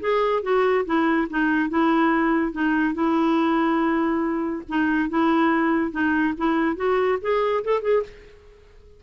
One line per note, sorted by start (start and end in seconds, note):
0.00 0.42 G#4
0.42 0.85 F#4
0.85 1.28 E4
1.30 1.69 D#4
1.69 2.52 E4
2.52 2.94 D#4
2.94 4.63 E4
4.68 5.09 D#4
5.09 5.91 E4
5.91 6.33 D#4
6.37 6.76 E4
6.76 7.18 F#4
7.21 7.63 G#4
7.64 7.81 A4
7.81 8.02 G#4